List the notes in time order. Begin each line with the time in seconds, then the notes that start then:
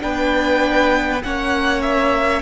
0.00 B3 D4 B4 G5
1.23 A#3 C#4 C#5 F#5
1.82 E5